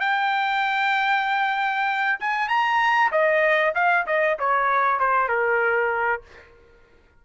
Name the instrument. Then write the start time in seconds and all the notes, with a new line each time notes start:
trumpet
0.00 G5
2.20 G#5
2.48 A#5
3.12 D#5
3.75 F5
4.06 D#5
4.39 C#5
5.00 C5
5.28 A#4